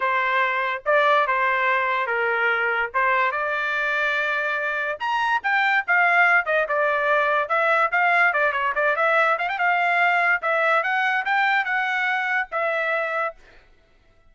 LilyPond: \new Staff \with { instrumentName = "trumpet" } { \time 4/4 \tempo 4 = 144 c''2 d''4 c''4~ | c''4 ais'2 c''4 | d''1 | ais''4 g''4 f''4. dis''8 |
d''2 e''4 f''4 | d''8 cis''8 d''8 e''4 f''16 g''16 f''4~ | f''4 e''4 fis''4 g''4 | fis''2 e''2 | }